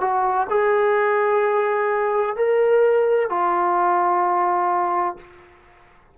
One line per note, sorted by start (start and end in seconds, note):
0.00 0.47 F#4
0.49 2.36 G#4
2.36 3.29 A#4
3.29 5.16 F4